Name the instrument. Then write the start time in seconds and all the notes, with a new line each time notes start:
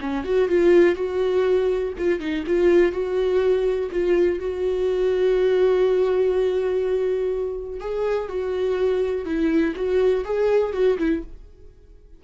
viola
0.00 C#4
0.24 F#4
0.48 F4
0.95 F#4
1.97 F4
2.19 D#4
2.46 F4
2.92 F#4
3.91 F4
4.39 F#4
7.80 G#4
8.28 F#4
9.25 E4
9.75 F#4
10.24 G#4
10.73 F#4
10.98 E4